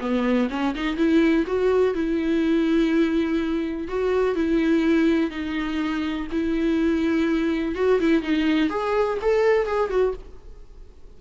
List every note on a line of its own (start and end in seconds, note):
0.00 0.48 B3
0.50 0.74 C#4
0.75 0.96 D#4
0.96 1.45 E4
1.46 1.94 F#4
1.94 3.88 E4
3.88 4.35 F#4
4.35 5.30 E4
5.30 6.27 D#4
6.31 7.75 E4
7.75 7.99 F#4
8.00 8.22 E4
8.22 8.69 D#4
8.69 9.18 G#4
9.21 9.67 A4
9.67 9.90 G#4
9.90 10.14 F#4